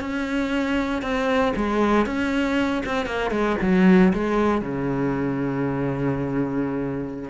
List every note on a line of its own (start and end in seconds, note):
0.00 1.01 C#4
1.01 1.53 C4
1.56 2.06 G#3
2.06 2.83 C#4
2.85 3.06 C4
3.06 3.30 A#3
3.30 3.56 G#3
3.61 4.12 F#3
4.13 4.61 G#3
4.61 7.30 C#3